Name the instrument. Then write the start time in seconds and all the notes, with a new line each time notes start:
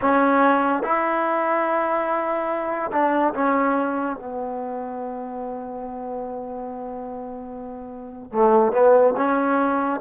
trombone
0.01 C#4
0.82 E4
2.92 D4
3.34 C#4
4.16 B3
8.32 A3
8.72 B3
9.17 C#4